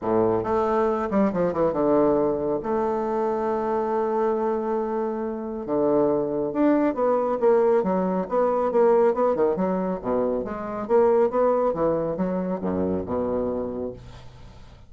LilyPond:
\new Staff \with { instrumentName = "bassoon" } { \time 4/4 \tempo 4 = 138 a,4 a4. g8 f8 e8 | d2 a2~ | a1~ | a4 d2 d'4 |
b4 ais4 fis4 b4 | ais4 b8 dis8 fis4 b,4 | gis4 ais4 b4 e4 | fis4 fis,4 b,2 | }